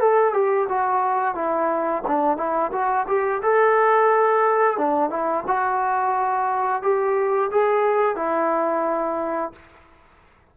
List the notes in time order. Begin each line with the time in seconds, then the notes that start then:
0.00 A4
0.34 G4
0.69 F#4
1.35 E4
2.08 D4
2.37 E4
2.72 F#4
3.08 G4
3.43 A4
4.78 D4
5.10 E4
5.48 F#4
6.82 G4
7.52 G#4
8.16 E4